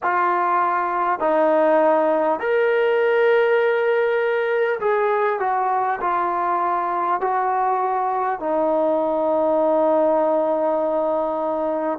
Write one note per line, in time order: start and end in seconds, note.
0.03 1.19 F4
1.19 2.39 D#4
2.39 4.79 A#4
4.80 5.39 G#4
5.39 5.99 F#4
6.01 7.20 F4
7.20 8.39 F#4
8.39 11.98 D#4